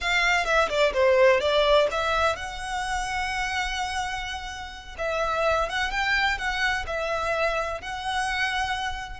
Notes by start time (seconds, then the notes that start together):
0.00 F5
0.45 E5
0.69 D5
0.93 C5
1.40 D5
1.91 E5
2.36 F#5
4.98 E5
5.69 F#5
5.90 G5
6.38 F#5
6.86 E5
7.81 F#5